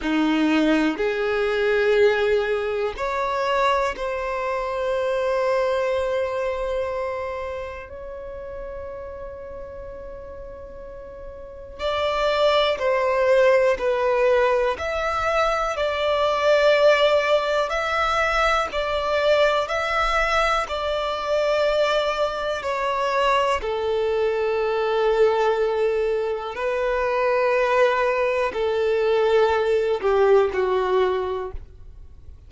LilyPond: \new Staff \with { instrumentName = "violin" } { \time 4/4 \tempo 4 = 61 dis'4 gis'2 cis''4 | c''1 | cis''1 | d''4 c''4 b'4 e''4 |
d''2 e''4 d''4 | e''4 d''2 cis''4 | a'2. b'4~ | b'4 a'4. g'8 fis'4 | }